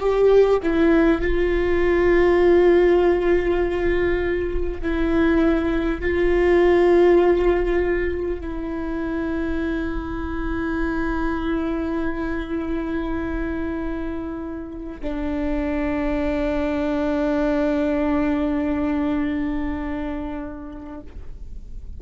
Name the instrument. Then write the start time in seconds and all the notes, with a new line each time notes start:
viola
0.00 G4
0.63 E4
1.22 F4
4.82 E4
6.01 F4
8.41 E4
15.02 D4